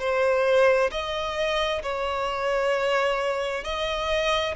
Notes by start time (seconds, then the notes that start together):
0.00 C5
0.91 D#5
1.83 C#5
3.64 D#5